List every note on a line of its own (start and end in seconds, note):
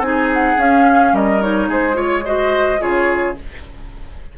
0.00 0.56 C4
0.00 0.57 D#4
0.00 0.30 G#5
0.06 1.14 G#4
0.34 0.60 F#5
0.57 1.13 C#4
0.57 1.41 C#4
0.57 1.15 F5
1.13 1.69 G3
1.13 1.69 A#4
1.13 1.42 D#5
1.41 1.94 D#4
1.41 1.70 C#5
1.69 2.80 G#3
1.69 1.96 G#4
1.69 1.99 C5
1.94 2.22 F4
1.94 2.24 C#5
1.94 2.27 C#5
2.25 2.79 F#4
2.25 2.81 C5
2.25 2.82 D#5
2.79 3.38 C#3
2.79 3.34 F4
2.79 3.37 G#4
2.79 3.37 C#5